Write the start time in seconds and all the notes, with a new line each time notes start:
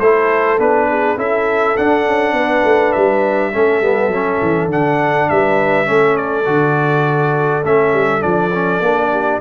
0.00 A3 E4 A4 C5
0.59 B3 D4 B4
0.89 G#4
1.17 C#4 E4 A4 E5
1.77 D4 F#5
2.07 C#4
2.33 B3 B4
2.65 A3
2.92 G3 E5
3.53 A3 C#4 A4
3.81 G3 B3
4.08 F#3 C#4
4.42 E3
4.68 D3 D4 F#5
5.30 G3 B4 E5
5.85 A3 C#4 A4
6.17 D5
6.46 D3 F#4
7.64 A3 C#4 E5
7.93 G3
8.20 F3 D4 D5
8.54 C#4
8.81 A#3 D4
9.11 G4